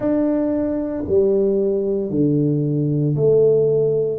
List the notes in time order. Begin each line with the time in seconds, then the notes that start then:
0.00 D4
1.08 G3
2.10 D3
3.16 A3